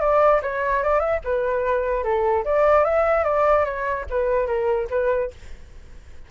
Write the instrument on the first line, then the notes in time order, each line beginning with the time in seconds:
flute
0.00 D5
0.42 C#5
0.83 D5
0.99 E5
1.24 B4
2.03 A4
2.44 D5
2.84 E5
3.24 D5
3.64 C#5
4.10 B4
4.46 A#4
4.90 B4